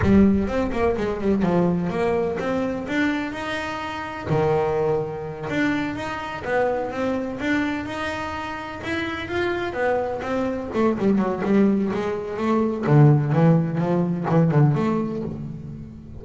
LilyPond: \new Staff \with { instrumentName = "double bass" } { \time 4/4 \tempo 4 = 126 g4 c'8 ais8 gis8 g8 f4 | ais4 c'4 d'4 dis'4~ | dis'4 dis2~ dis8 d'8~ | d'8 dis'4 b4 c'4 d'8~ |
d'8 dis'2 e'4 f'8~ | f'8 b4 c'4 a8 g8 fis8 | g4 gis4 a4 d4 | e4 f4 e8 d8 a4 | }